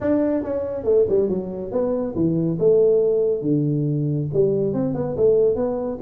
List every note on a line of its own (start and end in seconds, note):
0.00 0.43 D4
0.43 0.84 C#4
0.84 1.05 A3
1.09 1.29 G3
1.29 1.71 F#3
1.71 2.14 B3
2.15 2.58 E3
2.59 3.41 A3
3.41 4.27 D3
4.33 4.73 G3
4.73 4.94 C4
4.94 5.15 B3
5.16 5.55 A3
5.55 5.98 B3